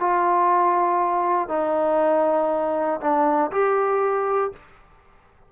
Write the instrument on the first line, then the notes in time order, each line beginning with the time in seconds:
trombone
0.00 F4
1.49 D#4
3.00 D4
3.51 G4